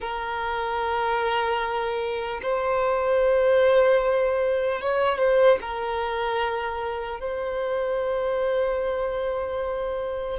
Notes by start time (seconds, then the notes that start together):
0.00 A#4
2.42 C5
4.81 C#5
5.18 C5
5.61 A#4
7.20 C5